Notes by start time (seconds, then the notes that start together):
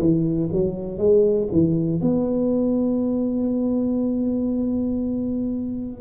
0.00 E3
0.52 F#3
0.98 G#3
1.52 E3
2.01 B3